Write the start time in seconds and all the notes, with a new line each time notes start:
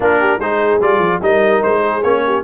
0.00 A#3 D4 F4 A#4
0.19 G4
0.38 G#3 D#4 G#4 C5
0.80 G3 F4 D5
0.98 F3
1.21 G3 D#4 A#4 D#5
1.62 G#3 C5
1.80 G#4
2.03 A#3 C#4 C#5
2.25 G4